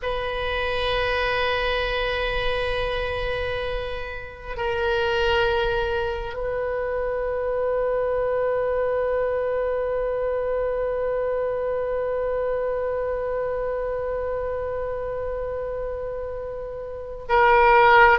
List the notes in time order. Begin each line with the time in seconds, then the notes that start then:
0.02 B4
4.56 A#4
6.33 B4
17.28 A#4